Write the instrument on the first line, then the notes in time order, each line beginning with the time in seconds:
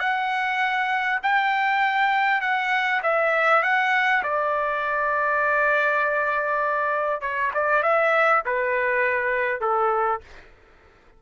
trumpet
0.00 F#5
1.23 G5
2.41 F#5
3.03 E5
3.63 F#5
4.23 D5
7.22 C#5
7.54 D5
7.83 E5
8.46 B4
9.61 A4